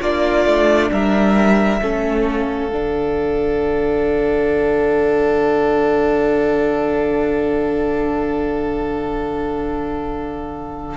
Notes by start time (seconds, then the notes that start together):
0.00 A#3 D4 F4 D5
0.45 A3
0.91 G3 A#4 E5
1.81 A3 C#4 A4
2.23 F5
2.71 D3 D4